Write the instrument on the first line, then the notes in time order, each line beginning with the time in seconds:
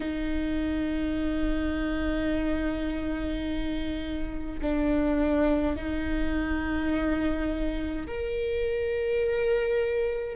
viola
0.00 D#4
4.62 D4
5.76 D#4
8.07 A#4